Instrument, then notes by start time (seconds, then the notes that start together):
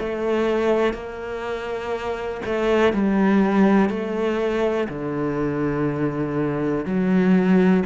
cello
0.00 A3
0.94 A#3
2.46 A3
2.93 G3
3.90 A3
4.89 D3
6.86 F#3